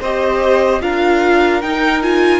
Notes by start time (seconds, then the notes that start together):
0.00 C4 G4 C5 D#5
0.80 D4 F4 A#4 F5
1.61 D#4 G5
2.02 F4 G#5